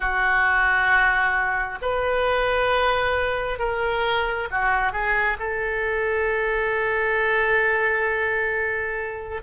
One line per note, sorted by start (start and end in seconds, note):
0.00 1.78 F#4
1.81 3.59 B4
3.59 4.48 A#4
4.50 4.92 F#4
4.92 5.37 G#4
5.39 9.42 A4